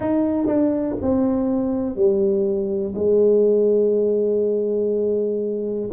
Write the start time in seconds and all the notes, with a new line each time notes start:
0.00 D#4
0.46 D4
1.01 C4
1.95 G3
2.94 G#3